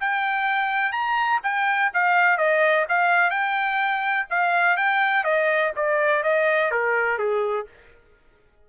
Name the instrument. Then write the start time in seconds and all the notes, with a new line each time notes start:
trumpet
0.00 G5
0.92 A#5
1.43 G5
1.94 F5
2.38 D#5
2.89 F5
3.30 G5
4.30 F5
4.77 G5
5.24 D#5
5.76 D5
6.24 D#5
6.72 A#4
7.19 G#4